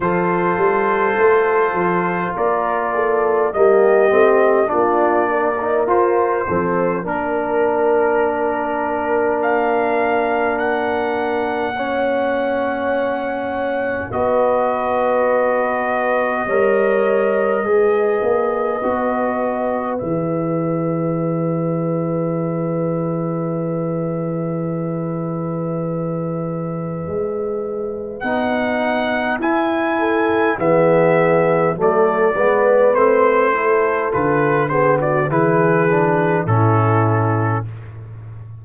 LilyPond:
<<
  \new Staff \with { instrumentName = "trumpet" } { \time 4/4 \tempo 4 = 51 c''2 d''4 dis''4 | d''4 c''4 ais'2 | f''4 fis''2. | dis''1~ |
dis''4 e''2.~ | e''1 | fis''4 gis''4 e''4 d''4 | c''4 b'8 c''16 d''16 b'4 a'4 | }
  \new Staff \with { instrumentName = "horn" } { \time 4/4 a'2 ais'8 a'8 g'4 | f'8 ais'4 a'8 ais'2~ | ais'2 cis''2 | b'2 cis''4 b'4~ |
b'1~ | b'1~ | b'4. a'8 gis'4 a'8 b'8~ | b'8 a'4 gis'16 fis'16 gis'4 e'4 | }
  \new Staff \with { instrumentName = "trombone" } { \time 4/4 f'2. ais8 c'8 | d'8. dis'16 f'8 c'8 d'2~ | d'2 cis'2 | fis'2 ais'4 gis'4 |
fis'4 gis'2.~ | gis'1 | dis'4 e'4 b4 a8 b8 | c'8 e'8 f'8 b8 e'8 d'8 cis'4 | }
  \new Staff \with { instrumentName = "tuba" } { \time 4/4 f8 g8 a8 f8 ais4 g8 a8 | ais4 f'8 f8 ais2~ | ais1 | b2 g4 gis8 ais8 |
b4 e2.~ | e2. gis4 | b4 e'4 e4 fis8 gis8 | a4 d4 e4 a,4 | }
>>